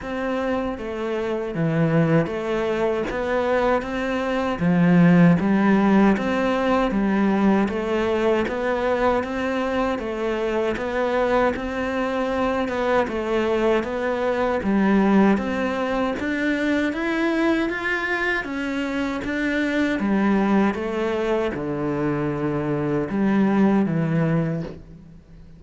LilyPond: \new Staff \with { instrumentName = "cello" } { \time 4/4 \tempo 4 = 78 c'4 a4 e4 a4 | b4 c'4 f4 g4 | c'4 g4 a4 b4 | c'4 a4 b4 c'4~ |
c'8 b8 a4 b4 g4 | c'4 d'4 e'4 f'4 | cis'4 d'4 g4 a4 | d2 g4 e4 | }